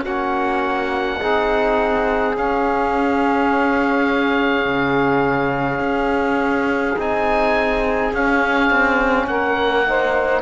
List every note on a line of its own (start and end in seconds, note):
0.00 1.21 A#3
0.00 1.19 C#4
0.00 1.15 F#4
0.00 2.36 F#5
1.18 2.37 C4
1.18 2.34 D#4
1.18 9.26 G#4
2.34 6.95 C#4
2.34 4.65 C#4
2.34 6.99 F5
4.65 5.80 C#3
5.80 6.95 C#4
6.97 8.12 C4
6.97 8.13 D#4
6.97 8.14 G#5
8.12 8.70 C#4
8.12 9.86 C#4
8.12 9.27 F5
8.70 9.26 C4
9.26 10.42 A#3
9.26 9.87 A#4
9.26 10.42 F#5
9.86 10.42 D#4
9.86 10.42 C5